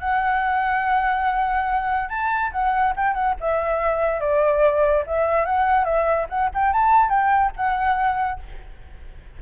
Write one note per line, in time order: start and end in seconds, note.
0.00 2.10 F#5
2.10 2.52 A5
2.52 2.94 F#5
2.97 3.14 G5
3.14 3.35 F#5
3.41 4.21 E5
4.21 5.05 D5
5.07 5.46 E5
5.46 5.85 F#5
5.85 6.27 E5
6.29 6.50 F#5
6.55 6.73 G5
6.73 7.10 A5
7.10 7.52 G5
7.56 8.40 F#5